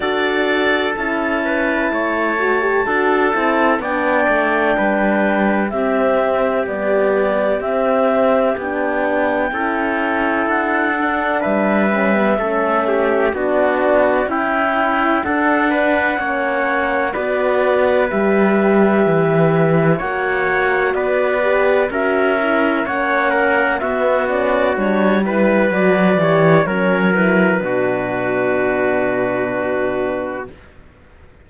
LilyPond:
<<
  \new Staff \with { instrumentName = "clarinet" } { \time 4/4 \tempo 4 = 63 d''4 a''2. | g''2 e''4 d''4 | e''4 g''2 fis''4 | e''2 d''4 g''4 |
fis''2 d''4 e''4~ | e''4 fis''4 d''4 e''4 | fis''4 e''8 d''8 cis''8 b'8 d''4 | cis''8 b'2.~ b'8 | }
  \new Staff \with { instrumentName = "trumpet" } { \time 4/4 a'4. b'8 cis''4 a'4 | d''4 b'4 g'2~ | g'2 a'2 | b'4 a'8 g'8 fis'4 e'4 |
a'8 b'8 cis''4 b'2~ | b'4 cis''4 b'4 ais'4 | cis''8 ais'8 fis'4. b'4 cis''8 | ais'4 fis'2. | }
  \new Staff \with { instrumentName = "horn" } { \time 4/4 fis'4 e'4. fis'16 g'16 fis'8 e'8 | d'2 c'4 g4 | c'4 d'4 e'4. d'8~ | d'8 cis'16 b16 cis'4 d'4 e'4 |
d'4 cis'4 fis'4 g'4~ | g'4 fis'4. g'8 fis'8 e'8 | cis'4 b8 cis'8 d'8 e'8 fis'8 g'8 | cis'8 e'8 d'2. | }
  \new Staff \with { instrumentName = "cello" } { \time 4/4 d'4 cis'4 a4 d'8 c'8 | b8 a8 g4 c'4 b4 | c'4 b4 cis'4 d'4 | g4 a4 b4 cis'4 |
d'4 ais4 b4 g4 | e4 ais4 b4 cis'4 | ais4 b4 g4 fis8 e8 | fis4 b,2. | }
>>